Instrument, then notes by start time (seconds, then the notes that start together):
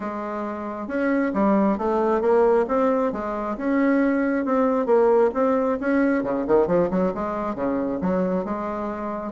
bassoon
0.00 G#3
0.87 C#4
1.33 G3
1.78 A3
2.21 A#3
2.68 C4
3.12 G#3
3.57 C#4
4.45 C4
4.86 A#3
5.34 C4
5.80 C#4
6.23 C#3
6.47 D#3
6.67 F3
6.90 F#3
7.14 G#3
7.55 C#3
8.01 F#3
8.44 G#3